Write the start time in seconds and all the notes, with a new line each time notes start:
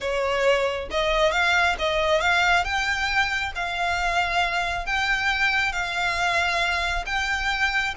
0.00 C#5
0.90 D#5
1.31 F5
1.78 D#5
2.20 F5
2.64 G5
3.55 F5
4.85 G5
5.72 F5
7.06 G5